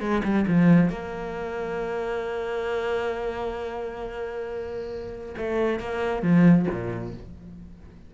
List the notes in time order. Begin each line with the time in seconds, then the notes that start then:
0.00 G#3
0.24 G3
0.47 F3
0.89 A#3
5.37 A3
5.79 A#3
6.22 F3
6.70 A#2